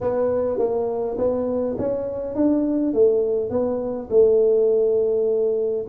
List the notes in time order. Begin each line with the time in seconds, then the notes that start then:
0.00 B3
0.58 A#3
1.18 B3
1.78 C#4
2.35 D4
2.93 A3
3.49 B3
4.09 A3